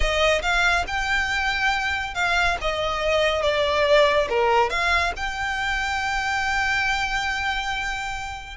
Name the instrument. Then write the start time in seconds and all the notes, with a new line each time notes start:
violin
0.00 D#5
0.42 F5
0.87 G5
2.14 F5
2.61 D#5
3.42 D5
4.29 A#4
4.69 F5
5.16 G5